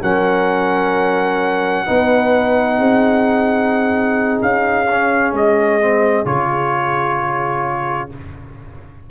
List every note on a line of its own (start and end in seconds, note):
0.00 1.87 F#3
0.00 1.86 C#4
0.00 1.85 A#4
0.00 4.40 F#5
1.85 2.78 B3
1.85 4.86 D#4
1.85 2.77 B4
2.77 4.40 C4
2.77 8.08 G#4
4.42 5.32 C#4
4.42 5.34 F5
4.90 5.80 C#4
5.32 6.24 G#3
5.32 6.25 D#5
5.80 6.24 C4
6.24 8.09 C#3
6.24 8.09 F4
6.24 8.10 C#5